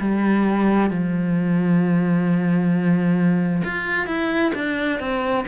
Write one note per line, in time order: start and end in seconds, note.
0.00 0.90 G3
0.90 3.63 F3
3.64 4.07 F4
4.07 4.52 E4
4.55 5.00 D4
5.00 5.45 C4